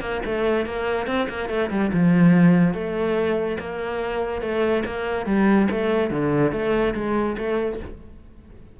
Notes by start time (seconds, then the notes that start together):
0.00 A#3
0.25 A3
0.66 A#3
1.07 C4
1.29 A#3
1.49 A3
1.70 G3
1.93 F3
2.74 A3
3.59 A#3
4.41 A3
4.85 A#3
5.26 G3
5.70 A3
6.10 D3
6.52 A3
6.94 G#3
7.38 A3